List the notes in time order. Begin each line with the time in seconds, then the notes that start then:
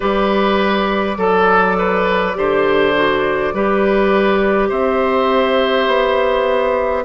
0.00 G3 G4 B4 D5
1.17 F#3 A4
1.78 B4
2.34 D3 G4 C5
2.95 F#4
3.53 G3 G4 B4
4.68 C4 C5 E5
5.87 B3